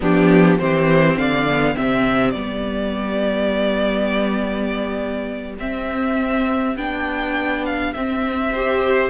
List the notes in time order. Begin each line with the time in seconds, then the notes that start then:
0.00 F3 B3 D4 G4
0.58 E3 C4 G4 C5
1.16 D3 D5 F5
1.48 B3
1.75 C3 C4 G4 E5
2.31 G3 B3 D5
5.58 C4 E5
6.76 B3 D4 G5
7.65 F5
7.93 C4 E5
8.52 G4 C5